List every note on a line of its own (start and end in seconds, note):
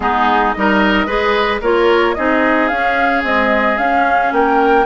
0.00 0.54 G#3
0.00 0.54 B3
0.00 0.55 D#4
0.00 0.53 G#4
0.53 1.06 G3
0.53 1.07 D#4
0.53 1.06 A#4
0.53 1.61 D#5
1.06 1.60 G#3
1.06 1.61 G#4
1.06 1.60 B4
1.61 2.15 A#3
1.61 2.16 F4
1.61 2.15 A#4
1.61 2.14 C#5
2.14 2.71 C4
2.14 2.70 D#4
2.14 4.33 G#4
2.14 2.68 D#5
2.68 3.23 C#4
2.68 3.26 C#4
2.68 3.22 F5
3.23 3.77 G#3
3.23 3.77 C4
3.23 3.78 D#5
3.77 4.85 C#4
3.77 4.32 C#4
3.77 4.32 F5
4.32 4.86 A#3
4.32 4.86 A#4
4.32 4.86 G5